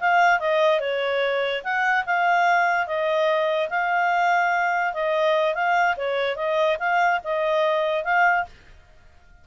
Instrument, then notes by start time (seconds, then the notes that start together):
clarinet
0.00 F5
0.39 D#5
0.80 C#5
1.63 F#5
2.06 F5
2.86 D#5
3.69 F5
4.93 D#5
5.54 F5
5.97 C#5
6.36 D#5
6.79 F5
7.24 D#5
8.04 F5